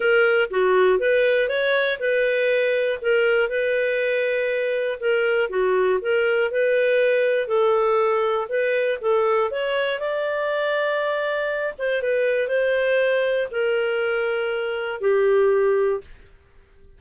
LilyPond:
\new Staff \with { instrumentName = "clarinet" } { \time 4/4 \tempo 4 = 120 ais'4 fis'4 b'4 cis''4 | b'2 ais'4 b'4~ | b'2 ais'4 fis'4 | ais'4 b'2 a'4~ |
a'4 b'4 a'4 cis''4 | d''2.~ d''8 c''8 | b'4 c''2 ais'4~ | ais'2 g'2 | }